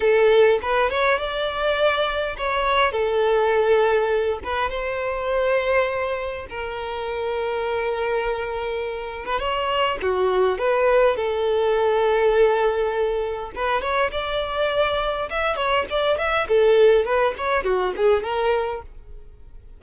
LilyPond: \new Staff \with { instrumentName = "violin" } { \time 4/4 \tempo 4 = 102 a'4 b'8 cis''8 d''2 | cis''4 a'2~ a'8 b'8 | c''2. ais'4~ | ais'2.~ ais'8. b'16 |
cis''4 fis'4 b'4 a'4~ | a'2. b'8 cis''8 | d''2 e''8 cis''8 d''8 e''8 | a'4 b'8 cis''8 fis'8 gis'8 ais'4 | }